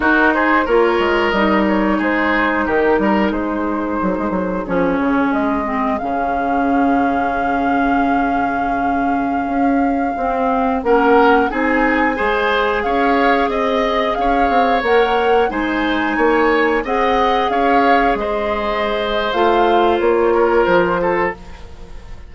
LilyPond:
<<
  \new Staff \with { instrumentName = "flute" } { \time 4/4 \tempo 4 = 90 ais'8 c''8 cis''4 dis''8 cis''8 c''4 | ais'4 c''2 cis''4 | dis''4 f''2.~ | f''1~ |
f''16 fis''4 gis''2 f''8.~ | f''16 dis''4 f''4 fis''4 gis''8.~ | gis''4~ gis''16 fis''4 f''4 dis''8.~ | dis''4 f''4 cis''4 c''4 | }
  \new Staff \with { instrumentName = "oboe" } { \time 4/4 fis'8 gis'8 ais'2 gis'4 | g'8 ais'8 gis'2.~ | gis'1~ | gis'1~ |
gis'16 ais'4 gis'4 c''4 cis''8.~ | cis''16 dis''4 cis''2 c''8.~ | c''16 cis''4 dis''4 cis''4 c''8.~ | c''2~ c''8 ais'4 a'8 | }
  \new Staff \with { instrumentName = "clarinet" } { \time 4/4 dis'4 f'4 dis'2~ | dis'2. cis'4~ | cis'8 c'8 cis'2.~ | cis'2.~ cis'16 c'8.~ |
c'16 cis'4 dis'4 gis'4.~ gis'16~ | gis'2~ gis'16 ais'4 dis'8.~ | dis'4~ dis'16 gis'2~ gis'8.~ | gis'4 f'2. | }
  \new Staff \with { instrumentName = "bassoon" } { \time 4/4 dis'4 ais8 gis8 g4 gis4 | dis8 g8 gis4 fis16 gis16 fis8 f8 cis8 | gis4 cis2.~ | cis2~ cis16 cis'4 c'8.~ |
c'16 ais4 c'4 gis4 cis'8.~ | cis'16 c'4 cis'8 c'8 ais4 gis8.~ | gis16 ais4 c'4 cis'4 gis8.~ | gis4 a4 ais4 f4 | }
>>